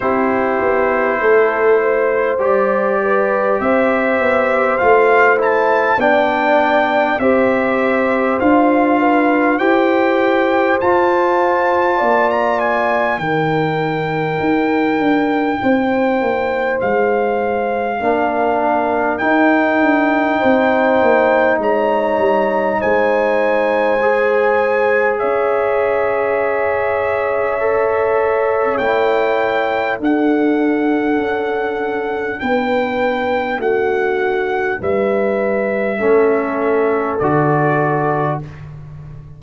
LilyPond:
<<
  \new Staff \with { instrumentName = "trumpet" } { \time 4/4 \tempo 4 = 50 c''2 d''4 e''4 | f''8 a''8 g''4 e''4 f''4 | g''4 a''4~ a''16 ais''16 gis''8 g''4~ | g''2 f''2 |
g''2 ais''4 gis''4~ | gis''4 e''2. | g''4 fis''2 g''4 | fis''4 e''2 d''4 | }
  \new Staff \with { instrumentName = "horn" } { \time 4/4 g'4 a'8 c''4 b'8 c''4~ | c''4 d''4 c''4. b'8 | c''2 d''4 ais'4~ | ais'4 c''2 ais'4~ |
ais'4 c''4 cis''4 c''4~ | c''4 cis''2.~ | cis''4 a'2 b'4 | fis'4 b'4 a'2 | }
  \new Staff \with { instrumentName = "trombone" } { \time 4/4 e'2 g'2 | f'8 e'8 d'4 g'4 f'4 | g'4 f'2 dis'4~ | dis'2. d'4 |
dis'1 | gis'2. a'4 | e'4 d'2.~ | d'2 cis'4 fis'4 | }
  \new Staff \with { instrumentName = "tuba" } { \time 4/4 c'8 b8 a4 g4 c'8 b8 | a4 b4 c'4 d'4 | e'4 f'4 ais4 dis4 | dis'8 d'8 c'8 ais8 gis4 ais4 |
dis'8 d'8 c'8 ais8 gis8 g8 gis4~ | gis4 cis'2. | a4 d'4 cis'4 b4 | a4 g4 a4 d4 | }
>>